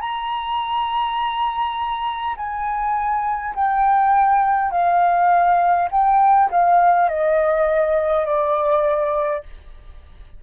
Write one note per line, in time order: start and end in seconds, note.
0.00 2.35 A#5
2.36 3.54 G#5
3.55 4.71 G5
4.71 5.88 F5
5.91 6.50 G5
6.50 7.09 F5
7.09 8.25 D#5
8.25 9.43 D5